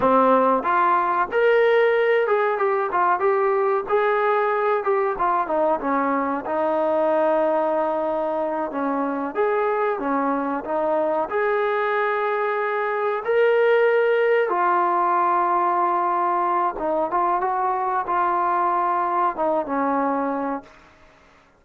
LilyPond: \new Staff \with { instrumentName = "trombone" } { \time 4/4 \tempo 4 = 93 c'4 f'4 ais'4. gis'8 | g'8 f'8 g'4 gis'4. g'8 | f'8 dis'8 cis'4 dis'2~ | dis'4. cis'4 gis'4 cis'8~ |
cis'8 dis'4 gis'2~ gis'8~ | gis'8 ais'2 f'4.~ | f'2 dis'8 f'8 fis'4 | f'2 dis'8 cis'4. | }